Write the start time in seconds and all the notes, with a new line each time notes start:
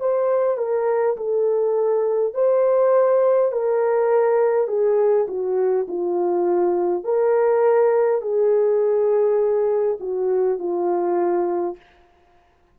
0.00 C5
0.57 A#4
1.17 A4
2.34 C5
3.51 A#4
4.67 G#4
5.28 F#4
5.88 F4
7.04 A#4
8.21 G#4
9.99 F#4
10.58 F4